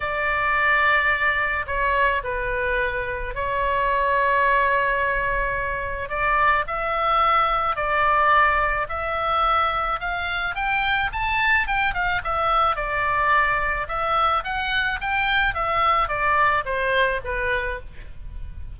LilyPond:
\new Staff \with { instrumentName = "oboe" } { \time 4/4 \tempo 4 = 108 d''2. cis''4 | b'2 cis''2~ | cis''2. d''4 | e''2 d''2 |
e''2 f''4 g''4 | a''4 g''8 f''8 e''4 d''4~ | d''4 e''4 fis''4 g''4 | e''4 d''4 c''4 b'4 | }